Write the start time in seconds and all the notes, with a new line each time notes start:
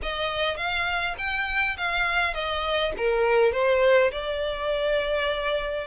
0.02 D#5
0.56 F5
1.18 G5
1.77 F5
2.33 D#5
2.97 A#4
3.52 C5
4.11 D5